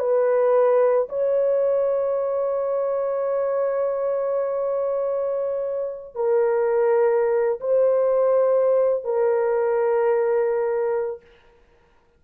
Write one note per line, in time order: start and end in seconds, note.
0.00 1.08 B4
1.09 6.15 C#5
6.15 7.60 A#4
7.61 9.05 C5
9.05 11.21 A#4